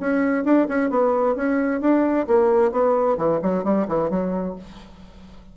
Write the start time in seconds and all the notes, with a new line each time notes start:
0.00 C#4
0.44 D4
0.68 C#4
0.90 B3
1.36 C#4
1.81 D4
2.27 A#3
2.72 B3
3.17 E3
3.42 F#3
3.64 G3
3.88 E3
4.10 F#3